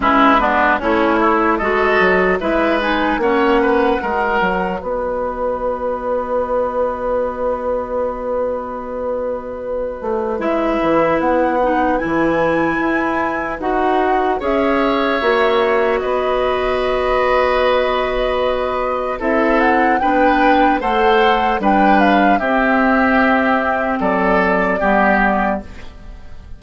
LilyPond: <<
  \new Staff \with { instrumentName = "flute" } { \time 4/4 \tempo 4 = 75 b'4 cis''4 dis''4 e''8 gis''8 | fis''2 dis''2~ | dis''1~ | dis''4 e''4 fis''4 gis''4~ |
gis''4 fis''4 e''2 | dis''1 | e''8 fis''8 g''4 fis''4 g''8 f''8 | e''2 d''2 | }
  \new Staff \with { instrumentName = "oboe" } { \time 4/4 e'8 d'8 cis'8 e'8 a'4 b'4 | cis''8 b'8 ais'4 b'2~ | b'1~ | b'1~ |
b'2 cis''2 | b'1 | a'4 b'4 c''4 b'4 | g'2 a'4 g'4 | }
  \new Staff \with { instrumentName = "clarinet" } { \time 4/4 cis'8 b8 e'4 fis'4 e'8 dis'8 | cis'4 fis'2.~ | fis'1~ | fis'4 e'4. dis'8 e'4~ |
e'4 fis'4 gis'4 fis'4~ | fis'1 | e'4 d'4 a'4 d'4 | c'2. b4 | }
  \new Staff \with { instrumentName = "bassoon" } { \time 4/4 gis4 a4 gis8 fis8 gis4 | ais4 gis8 fis8 b2~ | b1~ | b8 a8 gis8 e8 b4 e4 |
e'4 dis'4 cis'4 ais4 | b1 | c'4 b4 a4 g4 | c'2 fis4 g4 | }
>>